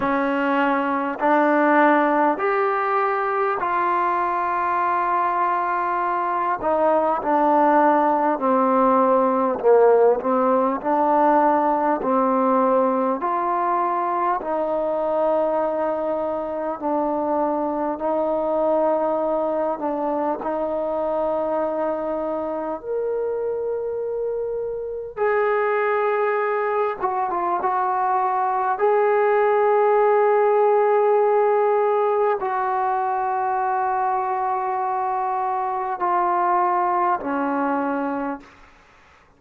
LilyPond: \new Staff \with { instrumentName = "trombone" } { \time 4/4 \tempo 4 = 50 cis'4 d'4 g'4 f'4~ | f'4. dis'8 d'4 c'4 | ais8 c'8 d'4 c'4 f'4 | dis'2 d'4 dis'4~ |
dis'8 d'8 dis'2 ais'4~ | ais'4 gis'4. fis'16 f'16 fis'4 | gis'2. fis'4~ | fis'2 f'4 cis'4 | }